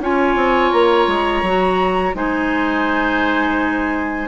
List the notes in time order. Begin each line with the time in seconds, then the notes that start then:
0.00 C#4 F4 C#5 G#5
0.36 C4
0.72 A#3 A#5
1.08 G#3
1.42 F#3 F#4
2.14 G#3 D#4 C5 G#5